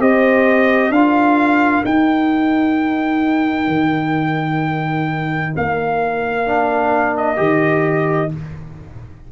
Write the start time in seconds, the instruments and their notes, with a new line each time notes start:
0.00 tuba C4, trombone G4, horn C5, trumpet D#5
0.90 tuba D4, trombone F4, horn A#4, trumpet F5
1.85 tuba D#4, trombone D#4, trumpet G5
3.68 tuba D#3
5.56 tuba A#3, trumpet F5
6.46 trombone D4
7.17 trumpet D#5
7.37 tuba D#3, trombone G4